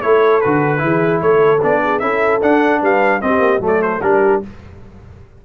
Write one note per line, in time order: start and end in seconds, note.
0.00 0.42 A3
0.00 0.42 E4
0.00 0.80 A4
0.00 0.41 C#5
0.41 0.82 D3
0.41 0.78 F#4
0.41 1.21 B4
0.78 1.21 E3
0.78 1.58 E4
0.78 1.22 G#4
1.21 1.61 A3
1.21 1.82 A4
1.21 1.61 C#5
1.61 2.01 B3
1.61 2.00 D4
1.61 1.99 D5
1.83 2.02 G#4
1.99 2.41 C#4
1.99 2.40 E4
1.99 2.80 A4
1.99 2.39 E5
2.41 2.81 D4
2.41 3.21 D4
2.41 2.82 F#5
2.80 3.21 G3
2.80 3.20 B4
2.80 3.21 F5
3.21 3.60 C4
3.21 3.39 C4
3.21 3.64 G4
3.21 3.61 D#5
3.39 3.59 A#3
3.60 4.00 F#3
3.60 4.00 A3
3.60 4.04 A4
3.67 3.82 D5
3.82 4.01 C5
4.01 4.42 G3
4.01 4.43 D4
4.01 4.45 G4
4.01 4.41 A#4